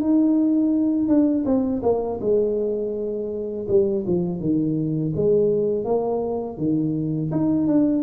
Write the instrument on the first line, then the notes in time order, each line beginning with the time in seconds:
tuba
0.00 D#4
1.08 D4
1.45 C4
1.82 A#3
2.20 G#3
3.68 G3
4.06 F3
4.40 D#3
5.16 G#3
5.84 A#3
6.57 D#3
7.31 D#4
7.67 D4